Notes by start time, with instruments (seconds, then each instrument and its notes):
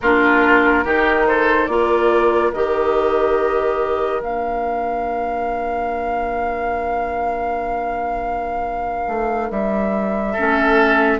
0.01 bassoon A#3, clarinet D4, oboe F4, flute A#4
0.84 bassoon D#3, clarinet D#4, oboe G4
1.27 oboe A4, flute C5
1.66 bassoon A#3, clarinet F4, oboe A#4, flute D5
2.53 bassoon D#3, clarinet G4, flute D#5
4.21 bassoon A#3, clarinet D4, flute F5
9.07 bassoon A3
9.50 bassoon G3, flute E5
10.32 clarinet C#4, oboe A4
10.40 bassoon A3